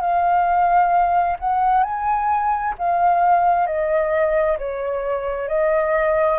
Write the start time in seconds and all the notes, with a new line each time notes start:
0.00 F5
1.39 F#5
1.83 G#5
2.78 F5
3.66 D#5
4.58 C#5
5.48 D#5